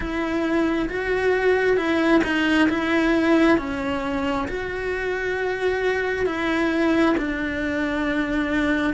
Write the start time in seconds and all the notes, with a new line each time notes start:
0.00 E4
0.89 F#4
1.77 E4
2.24 D#4
2.69 E4
3.57 C#4
4.48 F#4
6.26 E4
7.17 D4